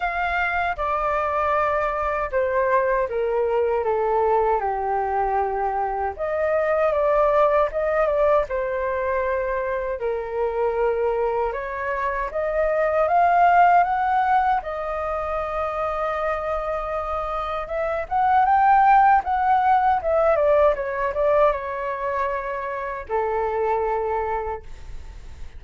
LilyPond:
\new Staff \with { instrumentName = "flute" } { \time 4/4 \tempo 4 = 78 f''4 d''2 c''4 | ais'4 a'4 g'2 | dis''4 d''4 dis''8 d''8 c''4~ | c''4 ais'2 cis''4 |
dis''4 f''4 fis''4 dis''4~ | dis''2. e''8 fis''8 | g''4 fis''4 e''8 d''8 cis''8 d''8 | cis''2 a'2 | }